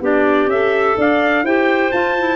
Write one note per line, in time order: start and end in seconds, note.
0.00 0.47 B3
0.00 0.48 D4
0.00 0.97 G4
0.00 0.49 D5
0.47 0.94 C#4
0.47 1.46 A4
0.47 0.97 E5
0.97 1.43 D4
0.97 1.44 D5
0.97 1.45 F5
1.43 1.90 E4
1.43 1.92 G4
1.43 2.36 C5
1.43 1.91 G5
1.91 2.16 F4
1.91 2.36 F4
1.91 2.36 A5
2.18 2.36 E4